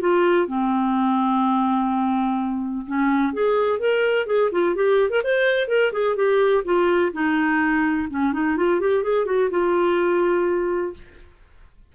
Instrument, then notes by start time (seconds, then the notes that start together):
clarinet
0.00 F4
0.47 C4
2.87 C#4
3.33 G#4
3.79 A#4
4.26 G#4
4.51 F4
4.75 G4
5.10 A#4
5.24 C5
5.68 A#4
5.92 G#4
6.16 G4
6.64 F4
7.12 D#4
8.10 C#4
8.33 D#4
8.57 F4
8.80 G4
9.03 G#4
9.25 F#4
9.50 F4